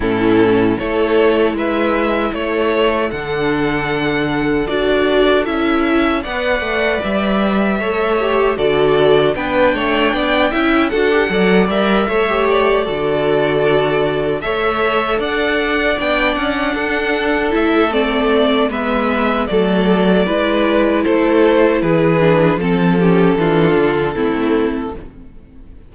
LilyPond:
<<
  \new Staff \with { instrumentName = "violin" } { \time 4/4 \tempo 4 = 77 a'4 cis''4 e''4 cis''4 | fis''2 d''4 e''4 | fis''4 e''2 d''4 | g''2 fis''4 e''4 |
d''2~ d''8 e''4 fis''8~ | fis''8 g''8 fis''4. e''8 d''4 | e''4 d''2 c''4 | b'4 a'2. | }
  \new Staff \with { instrumentName = "violin" } { \time 4/4 e'4 a'4 b'4 a'4~ | a'1 | d''2 cis''4 a'4 | b'8 cis''8 d''8 e''8 a'8 d''4 cis''8~ |
cis''8 a'2 cis''4 d''8~ | d''4. a'2~ a'8 | b'4 a'4 b'4 a'4 | gis'4 a'8 g'8 f'4 e'4 | }
  \new Staff \with { instrumentName = "viola" } { \time 4/4 cis'4 e'2. | d'2 fis'4 e'4 | b'2 a'8 g'8 fis'4 | d'4. e'8 fis'16 g'16 a'8 ais'8 a'16 g'16~ |
g'8 fis'2 a'4.~ | a'8 d'2 e'8 c'4 | b4 a4 e'2~ | e'8 d'8 c'8 cis'8 d'4 c'4 | }
  \new Staff \with { instrumentName = "cello" } { \time 4/4 a,4 a4 gis4 a4 | d2 d'4 cis'4 | b8 a8 g4 a4 d4 | b8 a8 b8 cis'8 d'8 fis8 g8 a8~ |
a8 d2 a4 d'8~ | d'8 b8 cis'8 d'4 a4. | gis4 fis4 gis4 a4 | e4 f4 e8 d8 a4 | }
>>